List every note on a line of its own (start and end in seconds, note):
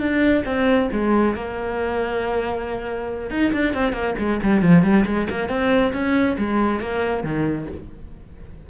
0.00 0.44 D4
0.46 0.89 C4
0.92 1.35 G#3
1.35 3.30 A#3
3.30 3.52 D#4
3.53 3.74 D4
3.74 3.93 C4
3.93 4.15 A#3
4.19 4.41 G#3
4.43 4.62 G3
4.62 4.83 F3
4.83 5.05 G3
5.06 5.28 G#3
5.30 5.49 A#3
5.49 5.93 C4
5.93 6.37 C#4
6.38 6.81 G#3
6.81 7.23 A#3
7.23 7.67 D#3